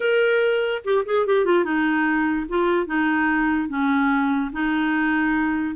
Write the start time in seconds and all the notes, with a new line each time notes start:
0.00 A#4
0.84 G4
1.05 G#4
1.26 G4
1.45 F4
1.64 D#4
2.48 F4
2.86 D#4
3.69 C#4
4.52 D#4